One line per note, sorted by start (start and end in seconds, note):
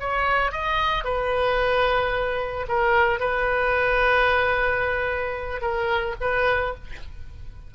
0.00 0.52 C#5
0.52 1.04 D#5
1.04 2.67 B4
2.68 3.20 A#4
3.20 5.61 B4
5.61 6.15 A#4
6.21 6.75 B4